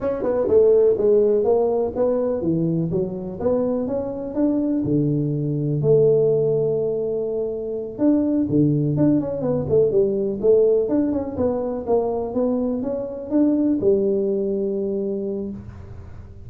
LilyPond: \new Staff \with { instrumentName = "tuba" } { \time 4/4 \tempo 4 = 124 cis'8 b8 a4 gis4 ais4 | b4 e4 fis4 b4 | cis'4 d'4 d2 | a1~ |
a8 d'4 d4 d'8 cis'8 b8 | a8 g4 a4 d'8 cis'8 b8~ | b8 ais4 b4 cis'4 d'8~ | d'8 g2.~ g8 | }